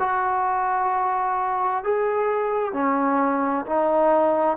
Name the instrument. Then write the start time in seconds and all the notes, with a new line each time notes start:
trombone
0.00 F#4
1.85 G#4
2.74 C#4
3.66 D#4